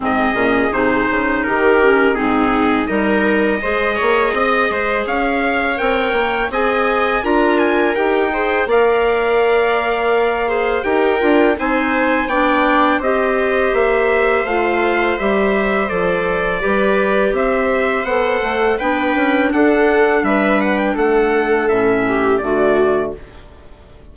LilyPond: <<
  \new Staff \with { instrumentName = "trumpet" } { \time 4/4 \tempo 4 = 83 dis''4 c''4 ais'4 gis'4 | dis''2. f''4 | g''4 gis''4 ais''8 gis''8 g''4 | f''2. g''4 |
gis''4 g''4 dis''4 e''4 | f''4 e''4 d''2 | e''4 fis''4 g''4 fis''4 | e''8 fis''16 g''16 fis''4 e''4 d''4 | }
  \new Staff \with { instrumentName = "viola" } { \time 4/4 gis'2 g'4 dis'4 | ais'4 c''8 cis''8 dis''8 c''8 cis''4~ | cis''4 dis''4 ais'4. c''8 | d''2~ d''8 c''8 ais'4 |
c''4 d''4 c''2~ | c''2. b'4 | c''2 b'4 a'4 | b'4 a'4. g'8 fis'4 | }
  \new Staff \with { instrumentName = "clarinet" } { \time 4/4 c'8 cis'8 dis'4. cis'8 c'4 | dis'4 gis'2. | ais'4 gis'4 f'4 g'8 gis'8 | ais'2~ ais'8 gis'8 g'8 f'8 |
dis'4 d'4 g'2 | f'4 g'4 a'4 g'4~ | g'4 a'4 d'2~ | d'2 cis'4 a4 | }
  \new Staff \with { instrumentName = "bassoon" } { \time 4/4 gis,8 ais,8 c8 cis8 dis4 gis,4 | g4 gis8 ais8 c'8 gis8 cis'4 | c'8 ais8 c'4 d'4 dis'4 | ais2. dis'8 d'8 |
c'4 b4 c'4 ais4 | a4 g4 f4 g4 | c'4 b8 a8 b8 cis'8 d'4 | g4 a4 a,4 d4 | }
>>